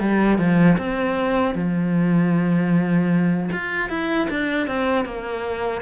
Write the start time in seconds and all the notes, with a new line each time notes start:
0.00 G3
0.38 F3
0.78 C4
1.55 F3
3.52 F4
3.89 E4
4.30 D4
4.67 C4
5.05 A#3